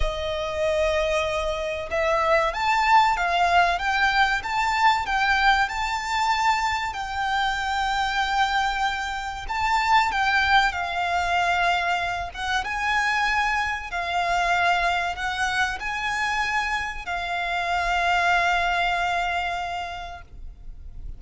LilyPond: \new Staff \with { instrumentName = "violin" } { \time 4/4 \tempo 4 = 95 dis''2. e''4 | a''4 f''4 g''4 a''4 | g''4 a''2 g''4~ | g''2. a''4 |
g''4 f''2~ f''8 fis''8 | gis''2 f''2 | fis''4 gis''2 f''4~ | f''1 | }